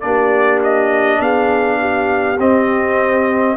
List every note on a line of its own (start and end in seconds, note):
0.00 1.19 A#3
0.00 2.37 D4
0.00 1.20 G4
0.00 0.59 D5
0.63 1.21 D#5
1.19 2.37 B3
1.19 1.78 G#4
1.19 2.39 F5
1.80 3.56 G4
2.37 3.55 C4
2.37 3.56 C4
2.37 3.56 D#5